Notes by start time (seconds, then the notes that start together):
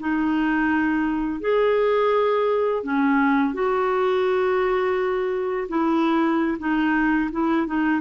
0.00 D#4
1.41 G#4
2.84 C#4
3.54 F#4
5.69 E4
6.59 D#4
7.32 E4
7.67 D#4